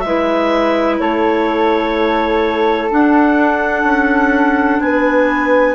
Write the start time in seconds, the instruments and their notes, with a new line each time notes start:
0.00 bassoon G#3, clarinet E5
0.06 clarinet E4, flute B4
1.00 bassoon A3, flute A4, clarinet C#5
2.91 clarinet D4 F#5, bassoon D4
3.84 bassoon C#4
4.81 bassoon B3, flute B4, clarinet G#5